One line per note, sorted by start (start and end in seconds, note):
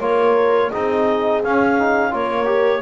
0.00 0.71 A#3
0.00 0.71 F4
0.00 0.69 A#4
0.00 0.71 C#5
0.69 1.44 C4
0.69 1.43 D#4
0.69 2.10 G#4
0.69 1.41 D#5
1.43 2.12 C#4
1.43 1.79 C#4
1.43 2.13 F5
1.79 2.10 D#4
2.10 2.81 A#3
2.10 2.45 F4
2.10 2.81 A#4
2.10 2.81 C#5
2.45 2.81 G4